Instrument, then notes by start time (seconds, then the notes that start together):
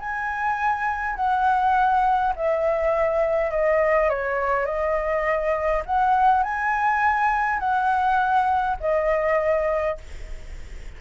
flute
0.00 G#5
1.16 F#5
2.36 E5
3.51 D#5
4.10 C#5
4.66 D#5
5.85 F#5
6.43 G#5
7.60 F#5
8.80 D#5